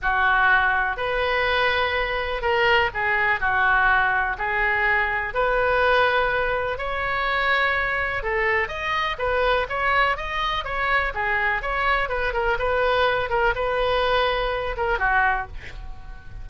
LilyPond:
\new Staff \with { instrumentName = "oboe" } { \time 4/4 \tempo 4 = 124 fis'2 b'2~ | b'4 ais'4 gis'4 fis'4~ | fis'4 gis'2 b'4~ | b'2 cis''2~ |
cis''4 a'4 dis''4 b'4 | cis''4 dis''4 cis''4 gis'4 | cis''4 b'8 ais'8 b'4. ais'8 | b'2~ b'8 ais'8 fis'4 | }